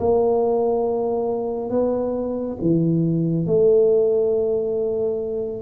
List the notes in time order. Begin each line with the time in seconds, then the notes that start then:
0.00 A#3
1.71 B3
2.62 E3
3.47 A3